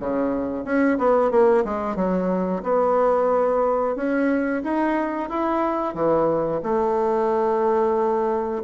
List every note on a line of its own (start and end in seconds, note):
0.00 0.65 C#3
0.65 0.98 C#4
0.98 1.31 B3
1.31 1.64 A#3
1.65 1.96 G#3
1.96 2.62 F#3
2.63 3.96 B3
3.96 4.62 C#4
4.63 5.29 D#4
5.29 5.94 E4
5.94 6.61 E3
6.63 8.63 A3